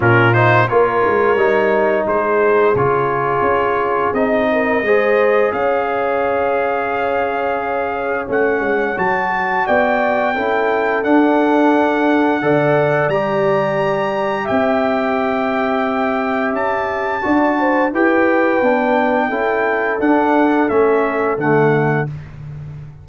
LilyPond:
<<
  \new Staff \with { instrumentName = "trumpet" } { \time 4/4 \tempo 4 = 87 ais'8 c''8 cis''2 c''4 | cis''2 dis''2 | f''1 | fis''4 a''4 g''2 |
fis''2. ais''4~ | ais''4 g''2. | a''2 g''2~ | g''4 fis''4 e''4 fis''4 | }
  \new Staff \with { instrumentName = "horn" } { \time 4/4 f'4 ais'2 gis'4~ | gis'2~ gis'8 ais'8 c''4 | cis''1~ | cis''2 d''4 a'4~ |
a'2 d''2~ | d''4 e''2.~ | e''4 d''8 c''8 b'2 | a'1 | }
  \new Staff \with { instrumentName = "trombone" } { \time 4/4 cis'8 dis'8 f'4 dis'2 | f'2 dis'4 gis'4~ | gis'1 | cis'4 fis'2 e'4 |
d'2 a'4 g'4~ | g'1~ | g'4 fis'4 g'4 d'4 | e'4 d'4 cis'4 a4 | }
  \new Staff \with { instrumentName = "tuba" } { \time 4/4 ais,4 ais8 gis8 g4 gis4 | cis4 cis'4 c'4 gis4 | cis'1 | a8 gis8 fis4 b4 cis'4 |
d'2 d4 g4~ | g4 c'2. | cis'4 d'4 e'4 b4 | cis'4 d'4 a4 d4 | }
>>